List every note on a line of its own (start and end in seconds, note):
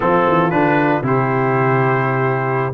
0.00 0.25 F3
0.00 0.50 C4
0.00 1.05 F4
0.00 0.50 A4
0.27 0.52 E3
0.50 1.02 D3
0.50 1.02 D4
0.50 1.02 B4
1.02 2.71 C3
1.02 2.72 E4
1.02 2.73 G4
1.02 2.73 C5